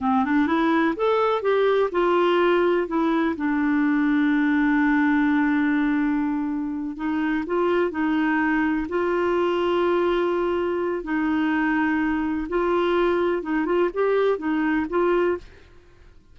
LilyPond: \new Staff \with { instrumentName = "clarinet" } { \time 4/4 \tempo 4 = 125 c'8 d'8 e'4 a'4 g'4 | f'2 e'4 d'4~ | d'1~ | d'2~ d'8 dis'4 f'8~ |
f'8 dis'2 f'4.~ | f'2. dis'4~ | dis'2 f'2 | dis'8 f'8 g'4 dis'4 f'4 | }